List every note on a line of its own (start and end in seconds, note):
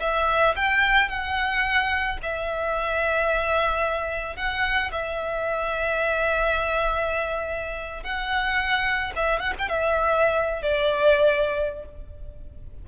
0.00 0.55 E5
0.56 1.09 G5
1.09 2.18 F#5
2.22 4.36 E5
4.36 4.91 F#5
4.91 8.03 E5
8.03 9.12 F#5
9.15 9.39 E5
9.39 9.53 F#5
9.59 9.68 G5
9.68 10.62 E5
10.62 11.85 D5